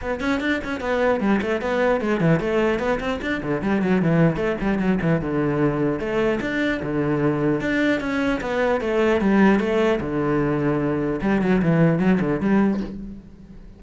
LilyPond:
\new Staff \with { instrumentName = "cello" } { \time 4/4 \tempo 4 = 150 b8 cis'8 d'8 cis'8 b4 g8 a8 | b4 gis8 e8 a4 b8 c'8 | d'8 d8 g8 fis8 e4 a8 g8 | fis8 e8 d2 a4 |
d'4 d2 d'4 | cis'4 b4 a4 g4 | a4 d2. | g8 fis8 e4 fis8 d8 g4 | }